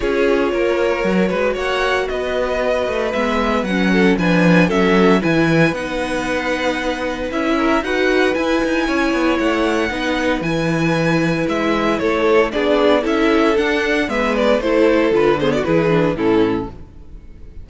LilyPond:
<<
  \new Staff \with { instrumentName = "violin" } { \time 4/4 \tempo 4 = 115 cis''2. fis''4 | dis''2 e''4 fis''4 | gis''4 e''4 gis''4 fis''4~ | fis''2 e''4 fis''4 |
gis''2 fis''2 | gis''2 e''4 cis''4 | d''4 e''4 fis''4 e''8 d''8 | c''4 b'8 c''16 d''16 b'4 a'4 | }
  \new Staff \with { instrumentName = "violin" } { \time 4/4 gis'4 ais'4. b'8 cis''4 | b'2.~ b'8 a'8 | b'4 a'4 b'2~ | b'2~ b'8 ais'8 b'4~ |
b'4 cis''2 b'4~ | b'2. a'4 | gis'4 a'2 b'4 | a'4. gis'16 fis'16 gis'4 e'4 | }
  \new Staff \with { instrumentName = "viola" } { \time 4/4 f'2 fis'2~ | fis'2 b4 cis'4 | d'4 cis'4 e'4 dis'4~ | dis'2 e'4 fis'4 |
e'2. dis'4 | e'1 | d'4 e'4 d'4 b4 | e'4 f'8 b8 e'8 d'8 cis'4 | }
  \new Staff \with { instrumentName = "cello" } { \time 4/4 cis'4 ais4 fis8 gis8 ais4 | b4. a8 gis4 fis4 | f4 fis4 e4 b4~ | b2 cis'4 dis'4 |
e'8 dis'8 cis'8 b8 a4 b4 | e2 gis4 a4 | b4 cis'4 d'4 gis4 | a4 d4 e4 a,4 | }
>>